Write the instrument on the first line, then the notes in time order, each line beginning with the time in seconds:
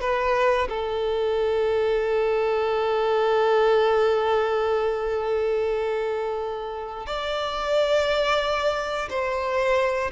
violin
0.00 B4
0.69 A4
7.06 D5
9.09 C5